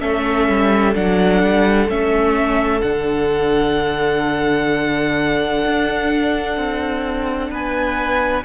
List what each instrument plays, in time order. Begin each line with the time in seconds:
0.00 cello A3, viola C#4, violin A4 E5
0.48 cello G3
0.95 cello F#3, viola D4, violin F#5
1.43 cello G3
1.88 cello A3, viola C#4, violin E5
2.81 cello D3, viola D4, violin F#5
5.66 cello D4
6.57 cello C4
7.51 cello B3, violin B4 G#5